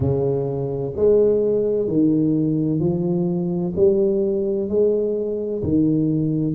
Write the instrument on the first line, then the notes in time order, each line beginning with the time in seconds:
tuba
0.00 C#3
0.95 G#3
1.87 D#3
2.79 F3
3.76 G3
4.69 G#3
5.63 D#3